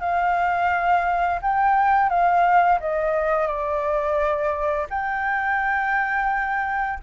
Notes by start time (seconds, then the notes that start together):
0.00 F5
1.42 G5
2.09 F5
2.80 D#5
3.47 D5
4.90 G5